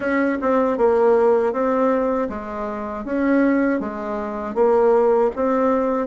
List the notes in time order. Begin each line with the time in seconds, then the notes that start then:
0.00 C#4
0.41 C4
0.77 A#3
1.52 C4
2.29 G#3
3.04 C#4
3.80 G#3
4.55 A#3
5.35 C4